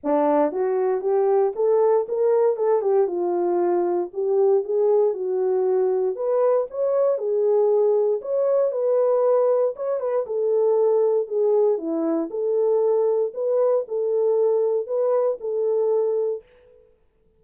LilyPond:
\new Staff \with { instrumentName = "horn" } { \time 4/4 \tempo 4 = 117 d'4 fis'4 g'4 a'4 | ais'4 a'8 g'8 f'2 | g'4 gis'4 fis'2 | b'4 cis''4 gis'2 |
cis''4 b'2 cis''8 b'8 | a'2 gis'4 e'4 | a'2 b'4 a'4~ | a'4 b'4 a'2 | }